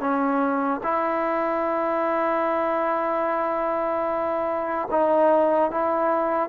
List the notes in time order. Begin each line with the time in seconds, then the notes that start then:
0.00 C#4
0.83 E4
4.91 D#4
5.71 E4